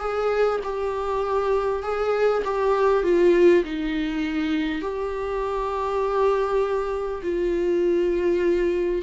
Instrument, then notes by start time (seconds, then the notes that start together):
viola
0.00 G#4
0.64 G4
1.83 G#4
2.45 G4
3.04 F4
3.64 D#4
4.82 G4
7.23 F4